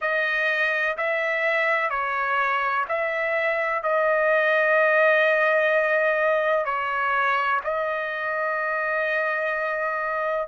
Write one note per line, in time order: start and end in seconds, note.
0.01 0.96 D#5
0.97 1.90 E5
1.90 2.85 C#5
2.88 3.82 E5
3.82 6.65 D#5
6.65 7.60 C#5
7.64 10.47 D#5